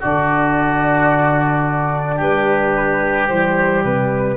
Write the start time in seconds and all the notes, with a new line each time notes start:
0.00 D3 D4 F#4 D5
2.16 G3 G4 B4
3.28 E3 G3 C5
3.84 C3 B4